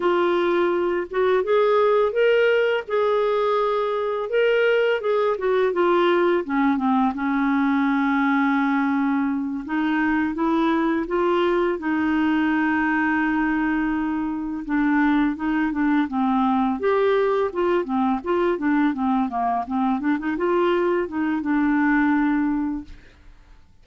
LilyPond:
\new Staff \with { instrumentName = "clarinet" } { \time 4/4 \tempo 4 = 84 f'4. fis'8 gis'4 ais'4 | gis'2 ais'4 gis'8 fis'8 | f'4 cis'8 c'8 cis'2~ | cis'4. dis'4 e'4 f'8~ |
f'8 dis'2.~ dis'8~ | dis'8 d'4 dis'8 d'8 c'4 g'8~ | g'8 f'8 c'8 f'8 d'8 c'8 ais8 c'8 | d'16 dis'16 f'4 dis'8 d'2 | }